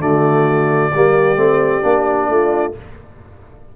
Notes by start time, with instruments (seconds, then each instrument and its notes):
0.00 tuba D3, trombone A3, horn F#4, trumpet D5
0.94 tuba G3, trombone A#3, horn G4
1.37 tuba A3, trombone C4
1.82 tuba A#3, trombone D4
2.29 tuba A3, horn F4